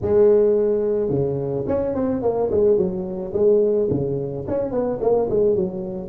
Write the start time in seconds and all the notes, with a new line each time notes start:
0.01 G#3
1.09 C#3
1.67 C#4
1.94 C4
2.22 A#3
2.50 G#3
2.77 F#3
3.33 G#3
3.90 C#3
4.47 C#4
4.71 B3
5.01 A#3
5.30 G#3
5.55 F#3